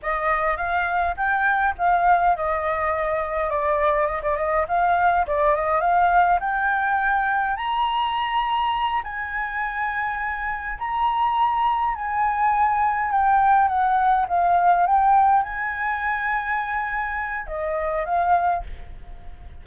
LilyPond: \new Staff \with { instrumentName = "flute" } { \time 4/4 \tempo 4 = 103 dis''4 f''4 g''4 f''4 | dis''2 d''4 dis''16 d''16 dis''8 | f''4 d''8 dis''8 f''4 g''4~ | g''4 ais''2~ ais''8 gis''8~ |
gis''2~ gis''8 ais''4.~ | ais''8 gis''2 g''4 fis''8~ | fis''8 f''4 g''4 gis''4.~ | gis''2 dis''4 f''4 | }